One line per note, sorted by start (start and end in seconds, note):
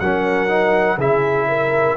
0.00 0.98 F#3
0.00 0.49 C#4
0.00 0.98 A#4
0.00 0.98 F#5
0.49 0.98 D#4
0.98 1.97 C#3
0.98 1.97 E4
0.98 1.47 G#4
0.98 1.97 E5
1.49 1.97 A#4